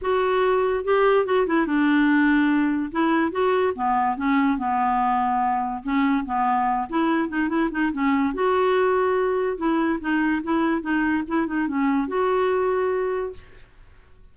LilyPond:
\new Staff \with { instrumentName = "clarinet" } { \time 4/4 \tempo 4 = 144 fis'2 g'4 fis'8 e'8 | d'2. e'4 | fis'4 b4 cis'4 b4~ | b2 cis'4 b4~ |
b8 e'4 dis'8 e'8 dis'8 cis'4 | fis'2. e'4 | dis'4 e'4 dis'4 e'8 dis'8 | cis'4 fis'2. | }